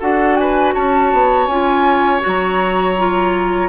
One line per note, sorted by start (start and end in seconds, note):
0.00 0.75 D4
0.00 1.49 F#4
0.00 0.37 A4
0.00 0.36 F#5
0.36 0.74 B4
0.36 0.73 G#5
0.74 1.12 C#4
0.74 3.69 C#5
0.74 1.46 A5
1.12 1.47 B3
1.46 2.21 C#4
1.46 2.21 F4
1.46 2.21 G#5
2.21 3.69 F#3
2.21 2.95 F#4
2.27 3.69 A#5
2.98 3.69 F4